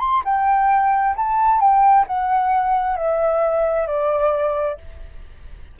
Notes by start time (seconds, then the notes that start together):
0.00 C6
0.25 G5
1.17 A5
1.61 G5
2.07 F#5
2.97 E5
3.87 D5